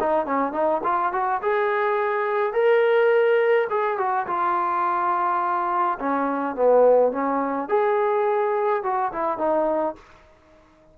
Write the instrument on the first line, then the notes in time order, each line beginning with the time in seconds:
trombone
0.00 D#4
0.26 C#4
0.52 D#4
0.84 F4
1.12 F#4
1.42 G#4
2.53 A#4
3.70 G#4
3.98 F#4
4.27 F4
5.99 C#4
6.56 B3
7.12 C#4
7.69 G#4
8.83 F#4
9.12 E4
9.38 D#4